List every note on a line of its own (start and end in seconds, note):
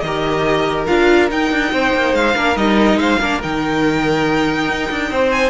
0.00 0.87 D#3
0.00 1.73 A#4
0.00 0.85 D#5
0.07 0.88 G4
0.87 1.31 D4
0.87 1.29 F4
0.87 1.29 F5
1.29 2.35 D#4
1.29 1.51 D#4
1.29 2.15 G5
1.51 1.73 D4
1.73 1.94 C4
1.73 2.36 C5
1.95 2.14 A#3
2.14 2.35 G#3
2.14 2.57 F5
2.36 2.56 A#3
2.36 2.56 D4
2.36 2.99 A#4
2.56 2.96 G3
2.56 3.20 D#4
2.56 2.99 D#5
2.96 3.17 G#3
2.96 3.20 C5
2.96 3.41 F5
3.20 3.43 A#3
3.20 3.43 D4
3.20 5.10 A#4
3.43 4.69 D#3
3.43 5.50 D#4
3.43 5.32 G5
4.69 4.90 D#4
4.91 5.11 D4
5.11 5.50 C4
5.11 5.50 C5
5.32 5.50 G#5